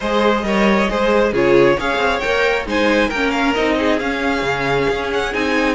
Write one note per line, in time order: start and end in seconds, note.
0.00 0.43 G#3
0.00 0.43 G#4
0.00 0.45 C5
0.00 1.34 D#5
0.43 0.87 G3
0.43 0.87 A#4
0.43 0.90 C#5
0.89 1.32 G#3
0.89 1.33 G#4
0.89 1.32 C5
1.32 1.76 C#3
1.32 1.78 F4
1.32 1.76 G#4
1.32 1.79 C#5
1.78 1.96 C#4
1.78 2.22 G#4
1.78 2.67 C#5
1.78 2.19 F5
1.96 2.19 C4
2.19 2.66 A#3
2.19 2.66 A#4
2.19 2.64 G5
2.66 3.10 G#3
2.66 3.10 D#4
2.66 3.08 C5
2.66 3.10 G#5
3.08 3.55 A#3
3.08 3.75 A#4
3.08 3.30 G5
3.15 3.55 C#4
3.30 3.52 F5
3.54 4.00 C4
3.54 3.99 D#4
3.54 3.99 D#5
3.78 5.75 G#4
3.99 4.42 C#4
3.99 5.32 C#4
3.99 5.10 F5
4.42 4.86 C#3
4.89 5.33 C#4
5.12 5.34 F#5
5.32 5.75 C4
5.32 5.75 D#4
5.32 5.75 G#5